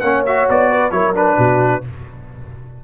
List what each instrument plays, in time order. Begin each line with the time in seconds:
0.00 tuba A#3, trombone C#4, horn C#5, trumpet F#5
0.26 trombone F#4, trumpet E5
0.49 tuba B3, trumpet D5
0.70 horn B4
0.91 tuba F#3, trombone E4, horn A#4, trumpet C#5
1.14 trombone D4, trumpet B4
1.37 tuba B2, horn F#4